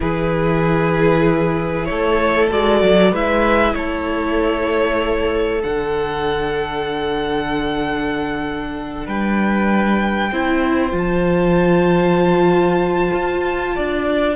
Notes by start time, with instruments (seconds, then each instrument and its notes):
0.00 cello E3, viola E4, violin G#4 B4
1.85 cello A3, violin A4 C#5
2.50 cello G#3, viola F#4, violin D5
2.82 cello F#3
3.11 cello G#3, viola E4, violin B4 E5
3.74 cello A3, violin A4 C#5
5.62 cello D3, viola D4, violin F#5
9.05 cello G3, violin B4 G5
10.31 cello C4, viola E4, violin C5
10.91 cello F3, viola F4
10.98 violin A5
13.13 cello F4
13.75 cello D4, violin D5